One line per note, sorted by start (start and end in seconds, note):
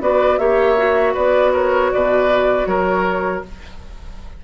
0.00 0.38 B3
0.00 0.39 F#4
0.00 0.39 B4
0.00 0.38 D5
0.38 1.14 A#3
0.38 0.77 G4
0.38 1.13 C#5
0.38 1.14 E5
0.77 3.43 F#4
1.13 1.93 B3
1.13 1.51 B4
1.13 1.53 D5
1.52 1.90 A#4
1.52 1.92 C#5
1.92 2.66 B2
1.92 2.68 B4
1.92 2.66 D5
2.66 3.42 F#3
2.66 3.44 A#4
2.66 3.41 C#5